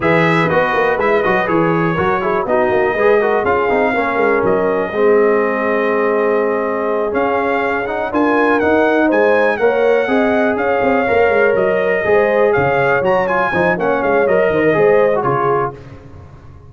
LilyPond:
<<
  \new Staff \with { instrumentName = "trumpet" } { \time 4/4 \tempo 4 = 122 e''4 dis''4 e''8 dis''8 cis''4~ | cis''4 dis''2 f''4~ | f''4 dis''2.~ | dis''2~ dis''8 f''4. |
fis''8 gis''4 fis''4 gis''4 fis''8~ | fis''4. f''2 dis''8~ | dis''4. f''4 ais''8 gis''4 | fis''8 f''8 dis''2 cis''4 | }
  \new Staff \with { instrumentName = "horn" } { \time 4/4 b'1 | ais'8 gis'8 fis'4 b'8 ais'8 gis'4 | ais'2 gis'2~ | gis'1~ |
gis'8 ais'2 c''4 cis''8~ | cis''8 dis''4 cis''2~ cis''8~ | cis''8 c''4 cis''2 c''8 | cis''4. c''16 ais'16 c''4 gis'4 | }
  \new Staff \with { instrumentName = "trombone" } { \time 4/4 gis'4 fis'4 e'8 fis'8 gis'4 | fis'8 e'8 dis'4 gis'8 fis'8 f'8 dis'8 | cis'2 c'2~ | c'2~ c'8 cis'4. |
dis'8 f'4 dis'2 ais'8~ | ais'8 gis'2 ais'4.~ | ais'8 gis'2 fis'8 f'8 dis'8 | cis'4 ais'4 gis'8. fis'16 f'4 | }
  \new Staff \with { instrumentName = "tuba" } { \time 4/4 e4 b8 ais8 gis8 fis8 e4 | fis4 b8 ais8 gis4 cis'8 c'8 | ais8 gis8 fis4 gis2~ | gis2~ gis8 cis'4.~ |
cis'8 d'4 dis'4 gis4 ais8~ | ais8 c'4 cis'8 c'8 ais8 gis8 fis8~ | fis8 gis4 cis4 fis4 f8 | ais8 gis8 fis8 dis8 gis4 cis4 | }
>>